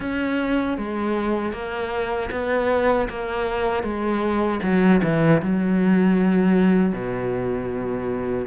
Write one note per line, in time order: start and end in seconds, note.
0.00 0.77 C#4
0.77 1.52 G#3
1.52 2.29 A#3
2.31 3.08 B3
3.09 3.83 A#3
3.83 4.60 G#3
4.62 5.01 F#3
5.03 5.41 E3
5.42 6.92 F#3
6.92 8.46 B2